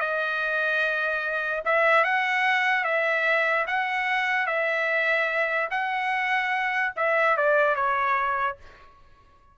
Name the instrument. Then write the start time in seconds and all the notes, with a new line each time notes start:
trumpet
0.00 D#5
1.65 E5
2.04 F#5
2.84 E5
3.67 F#5
4.47 E5
5.71 F#5
6.96 E5
7.37 D5
7.76 C#5